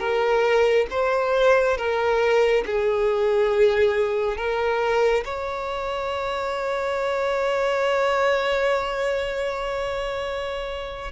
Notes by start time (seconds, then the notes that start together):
0.00 A#4
0.91 C5
1.78 A#4
2.66 G#4
4.38 A#4
5.25 C#5